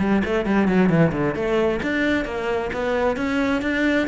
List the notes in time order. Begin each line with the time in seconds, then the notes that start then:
0.00 G3
0.25 A3
0.46 G3
0.68 F#3
0.89 E3
1.12 D3
1.35 A3
1.83 D4
2.25 A#3
2.73 B3
3.17 C#4
3.62 D4